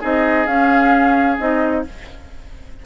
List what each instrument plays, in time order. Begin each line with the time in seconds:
0.00 bassoon C4, clarinet D#4, oboe G#4, flute D#5
0.46 bassoon C#4, clarinet C#4, flute F5
1.38 bassoon C4, clarinet D#4, flute D#5